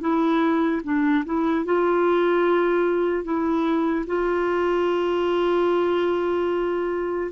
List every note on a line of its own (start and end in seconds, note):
0.00 0.81 E4
0.83 1.24 D4
1.25 1.65 E4
1.65 3.24 F4
3.24 4.05 E4
4.07 7.31 F4